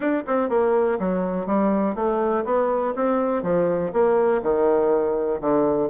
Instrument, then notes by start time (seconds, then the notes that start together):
bassoon
0.00 D4
0.26 C4
0.49 A#3
0.99 F#3
1.46 G3
1.95 A3
2.44 B3
2.95 C4
3.42 F3
3.92 A#3
4.42 D#3
5.41 D3